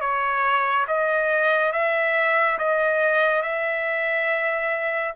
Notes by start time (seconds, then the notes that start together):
0.00 C#5
0.87 D#5
1.72 E5
2.58 D#5
3.42 E5